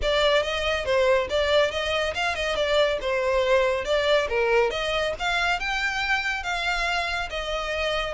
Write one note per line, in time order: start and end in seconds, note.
0.02 0.42 D5
0.42 0.85 D#5
0.85 1.28 C5
1.29 1.71 D5
1.71 2.14 D#5
2.14 2.35 F5
2.35 2.55 D#5
2.55 2.98 D5
3.01 3.85 C5
3.85 4.27 D5
4.28 4.70 A#4
4.70 5.13 D#5
5.19 5.59 F5
5.59 6.43 G5
6.43 7.29 F5
7.30 8.14 D#5